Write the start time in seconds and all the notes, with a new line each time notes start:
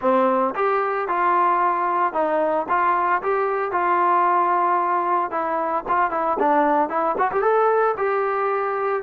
0.01 C4
0.55 G4
1.08 F4
2.13 D#4
2.68 F4
3.22 G4
3.71 F4
5.30 E4
5.88 F4
6.11 E4
6.39 D4
6.89 E4
7.18 F#4
7.31 G4
7.42 A4
7.97 G4